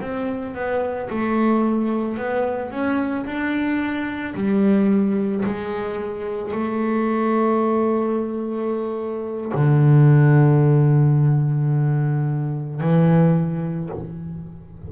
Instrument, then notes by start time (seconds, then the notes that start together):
double bass
0.00 C4
0.54 B3
1.09 A3
2.17 B3
2.70 C#4
3.25 D4
4.34 G3
5.45 G#3
6.51 A3
9.54 D3
12.80 E3